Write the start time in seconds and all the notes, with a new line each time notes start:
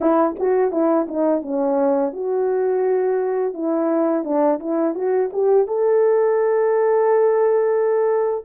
0.00 E4
0.39 F#4
0.71 E4
1.08 D#4
1.41 C#4
2.12 F#4
3.53 E4
4.24 D4
4.59 E4
4.94 F#4
5.33 G4
5.67 A4